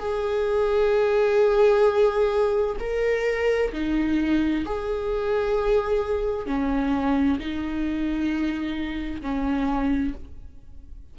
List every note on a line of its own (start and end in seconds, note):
0.00 2.77 G#4
2.80 3.73 A#4
3.73 4.65 D#4
4.66 6.47 G#4
6.47 7.39 C#4
7.40 9.22 D#4
9.22 10.14 C#4